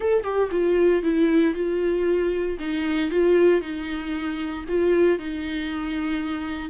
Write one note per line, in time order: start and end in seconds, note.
0.00 0.23 A4
0.23 0.49 G4
0.51 1.02 F4
1.02 1.54 E4
1.54 2.57 F4
2.59 3.10 D#4
3.10 3.61 F4
3.61 4.64 D#4
4.68 5.18 F4
5.18 6.70 D#4